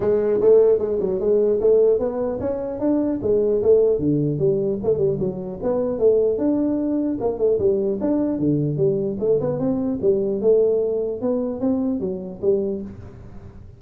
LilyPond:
\new Staff \with { instrumentName = "tuba" } { \time 4/4 \tempo 4 = 150 gis4 a4 gis8 fis8 gis4 | a4 b4 cis'4 d'4 | gis4 a4 d4 g4 | a8 g8 fis4 b4 a4 |
d'2 ais8 a8 g4 | d'4 d4 g4 a8 b8 | c'4 g4 a2 | b4 c'4 fis4 g4 | }